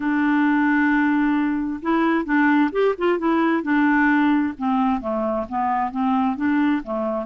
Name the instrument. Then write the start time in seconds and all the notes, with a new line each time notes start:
clarinet
0.00 D4
1.82 E4
2.25 D4
2.72 G4
2.98 F4
3.18 E4
3.62 D4
4.57 C4
5.00 A3
5.48 B3
5.91 C4
6.36 D4
6.83 A3